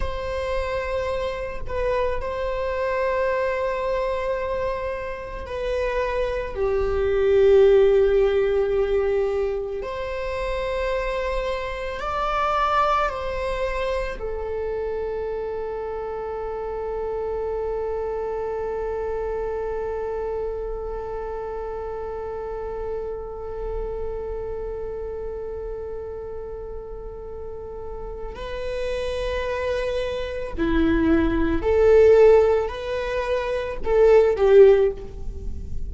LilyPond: \new Staff \with { instrumentName = "viola" } { \time 4/4 \tempo 4 = 55 c''4. b'8 c''2~ | c''4 b'4 g'2~ | g'4 c''2 d''4 | c''4 a'2.~ |
a'1~ | a'1~ | a'2 b'2 | e'4 a'4 b'4 a'8 g'8 | }